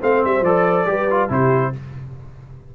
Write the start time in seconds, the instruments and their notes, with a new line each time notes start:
0.00 tuba A3, trombone C4, horn C5, trumpet F5
0.24 tuba G3, trumpet E5
0.41 tuba F3, trombone A4, trumpet D5
0.85 tuba G3, trombone G4, horn B4
1.10 trombone F4
1.29 tuba C3, trombone E4, horn G4, trumpet C5